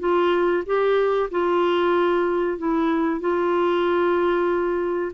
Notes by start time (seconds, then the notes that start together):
0.00 F4
0.66 G4
1.31 F4
2.59 E4
3.21 F4